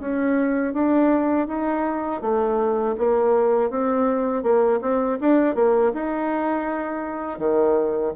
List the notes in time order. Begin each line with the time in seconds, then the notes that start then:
0.00 C#4
0.74 D4
1.48 D#4
2.22 A3
2.98 A#3
3.71 C4
4.43 A#3
4.82 C4
5.21 D4
5.56 A#3
5.94 D#4
7.39 D#3